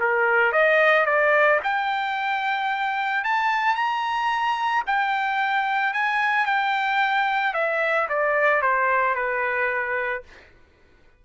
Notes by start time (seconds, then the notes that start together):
0.00 A#4
0.52 D#5
1.06 D5
1.63 G5
3.24 A5
3.75 A#5
4.87 G5
5.94 G#5
6.46 G5
7.54 E5
8.09 D5
8.62 C5
9.15 B4